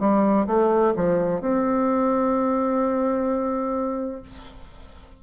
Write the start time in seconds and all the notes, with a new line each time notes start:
0.00 G3
0.47 A3
0.96 F3
1.41 C4